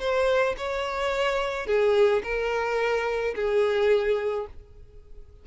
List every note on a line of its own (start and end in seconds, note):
0.00 0.56 C5
0.57 1.66 C#5
1.66 2.22 G#4
2.23 3.35 A#4
3.36 4.47 G#4